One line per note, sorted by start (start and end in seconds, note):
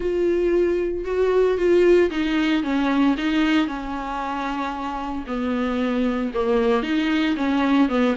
0.00 1.04 F4
1.05 1.57 F#4
1.57 2.10 F4
2.10 2.63 D#4
2.63 3.15 C#4
3.17 3.67 D#4
3.67 5.25 C#4
5.27 6.32 B3
6.33 6.83 A#3
6.83 7.35 D#4
7.36 7.89 C#4
7.89 8.15 B3